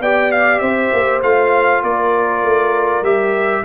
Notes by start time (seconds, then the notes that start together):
0.00 B3 G4 D5 G5
0.32 F5
0.59 C4 C5 E5
0.93 A#3
1.23 A3 F4 F5
1.83 A#3 A#4 D5
2.43 A3
3.02 G3 G4 E5